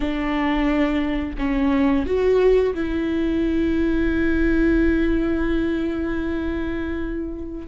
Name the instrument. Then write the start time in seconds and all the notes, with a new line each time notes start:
viola
0.00 D4
1.38 C#4
2.05 F#4
2.74 E4